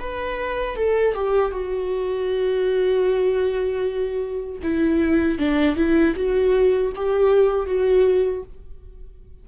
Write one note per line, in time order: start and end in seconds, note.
0.00 0.76 B4
0.76 1.15 A4
1.15 1.52 G4
1.52 4.59 F#4
4.63 5.38 E4
5.38 5.76 D4
5.76 6.15 E4
6.16 6.93 F#4
6.96 7.66 G4
7.66 8.43 F#4